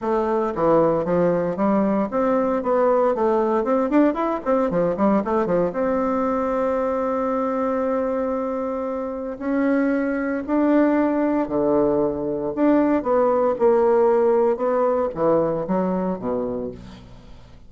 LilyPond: \new Staff \with { instrumentName = "bassoon" } { \time 4/4 \tempo 4 = 115 a4 e4 f4 g4 | c'4 b4 a4 c'8 d'8 | e'8 c'8 f8 g8 a8 f8 c'4~ | c'1~ |
c'2 cis'2 | d'2 d2 | d'4 b4 ais2 | b4 e4 fis4 b,4 | }